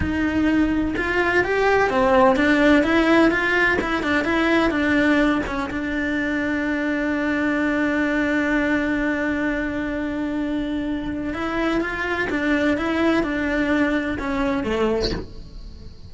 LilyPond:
\new Staff \with { instrumentName = "cello" } { \time 4/4 \tempo 4 = 127 dis'2 f'4 g'4 | c'4 d'4 e'4 f'4 | e'8 d'8 e'4 d'4. cis'8 | d'1~ |
d'1~ | d'1 | e'4 f'4 d'4 e'4 | d'2 cis'4 a4 | }